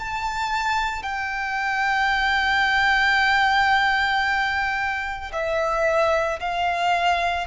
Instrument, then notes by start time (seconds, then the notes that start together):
violin
0.00 A5
1.03 G5
5.33 E5
6.40 F5